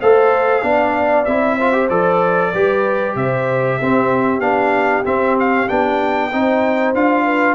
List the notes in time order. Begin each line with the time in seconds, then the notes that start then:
0.00 A3 A4 C5 F5
0.62 B3 D4 D5
1.25 C4 E4 E5
1.56 F4 C5
1.72 G4
1.89 F3 A4 D5
2.52 G3 G4 B4
3.15 C3 C5 E5
3.78 C4 G4
4.40 B3 D4 F5
5.04 C4 E5
5.40 F5
5.68 B3 D4 G5
6.32 C4 D#4 C5
6.94 D4 F4 F5
7.24 B4